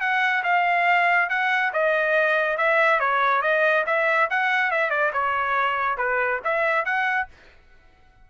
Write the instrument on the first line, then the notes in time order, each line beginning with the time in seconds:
trumpet
0.00 F#5
0.43 F5
1.29 F#5
1.73 D#5
2.57 E5
3.00 C#5
3.41 D#5
3.86 E5
4.30 F#5
4.71 E5
4.90 D5
5.13 C#5
5.97 B4
6.44 E5
6.85 F#5